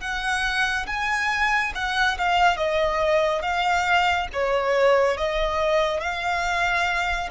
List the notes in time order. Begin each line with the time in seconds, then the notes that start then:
0.00 F#5
0.86 G#5
1.75 F#5
2.18 F5
2.56 D#5
3.42 F5
4.32 C#5
5.17 D#5
6.00 F5